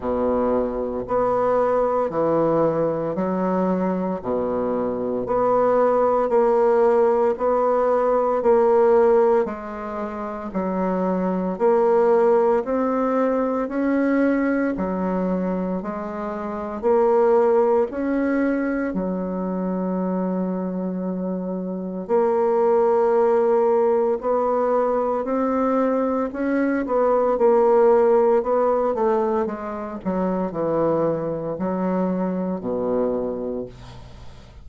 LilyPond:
\new Staff \with { instrumentName = "bassoon" } { \time 4/4 \tempo 4 = 57 b,4 b4 e4 fis4 | b,4 b4 ais4 b4 | ais4 gis4 fis4 ais4 | c'4 cis'4 fis4 gis4 |
ais4 cis'4 fis2~ | fis4 ais2 b4 | c'4 cis'8 b8 ais4 b8 a8 | gis8 fis8 e4 fis4 b,4 | }